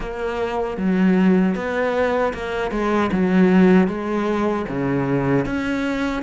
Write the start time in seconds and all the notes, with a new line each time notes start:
0.00 A#3
0.77 F#3
1.55 B3
2.33 A#3
2.71 G#3
3.12 F#3
3.87 G#3
4.68 C#3
5.45 C#4